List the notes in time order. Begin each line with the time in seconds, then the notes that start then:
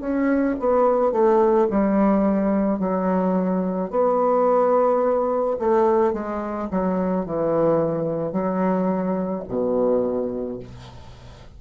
0.00 C#4
0.59 B3
1.12 A3
1.70 G3
2.79 F#3
3.90 B3
5.59 A3
6.13 G#3
6.70 F#3
7.25 E3
8.32 F#3
9.48 B2